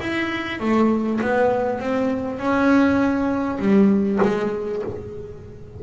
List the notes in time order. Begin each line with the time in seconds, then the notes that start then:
0.00 E4
0.60 A3
1.21 B3
1.79 C4
2.38 C#4
3.59 G3
4.22 G#3